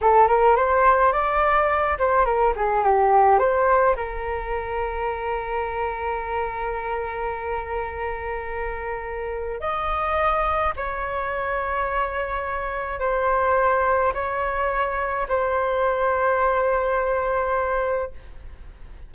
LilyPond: \new Staff \with { instrumentName = "flute" } { \time 4/4 \tempo 4 = 106 a'8 ais'8 c''4 d''4. c''8 | ais'8 gis'8 g'4 c''4 ais'4~ | ais'1~ | ais'1~ |
ais'4 dis''2 cis''4~ | cis''2. c''4~ | c''4 cis''2 c''4~ | c''1 | }